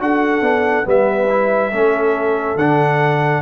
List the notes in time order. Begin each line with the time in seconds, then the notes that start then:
0.00 D4 F#4 A4 F#5
0.42 B3 D4
0.84 G3 B3 B4 E5
1.29 E4
1.71 A3 C#4 A4
2.55 D3 D4 F#5